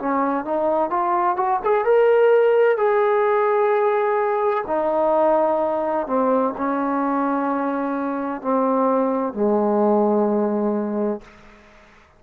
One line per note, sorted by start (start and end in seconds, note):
0.00 0.45 C#4
0.45 0.90 D#4
0.90 1.37 F4
1.37 1.60 F#4
1.64 1.85 G#4
1.85 2.77 A#4
2.77 4.65 G#4
4.67 6.07 D#4
6.07 6.54 C4
6.58 8.42 C#4
8.42 9.34 C4
9.34 11.22 G#3